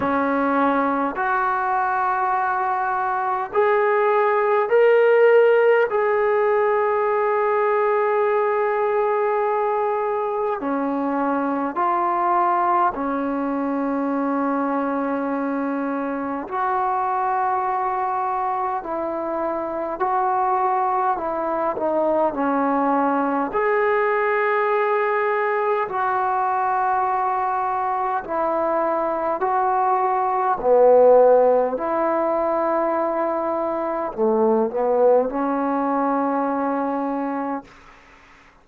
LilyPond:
\new Staff \with { instrumentName = "trombone" } { \time 4/4 \tempo 4 = 51 cis'4 fis'2 gis'4 | ais'4 gis'2.~ | gis'4 cis'4 f'4 cis'4~ | cis'2 fis'2 |
e'4 fis'4 e'8 dis'8 cis'4 | gis'2 fis'2 | e'4 fis'4 b4 e'4~ | e'4 a8 b8 cis'2 | }